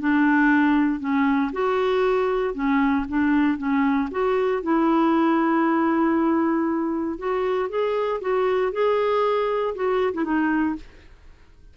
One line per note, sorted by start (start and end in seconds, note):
0.00 1.00 D4
1.00 1.52 C#4
1.53 2.55 F#4
2.55 3.06 C#4
3.09 3.58 D4
3.58 4.09 C#4
4.12 4.63 F#4
4.63 7.19 E4
7.19 7.70 F#4
7.70 8.21 G#4
8.22 8.73 F#4
8.73 9.75 G#4
9.76 10.14 F#4
10.14 10.24 E4
10.24 10.76 D#4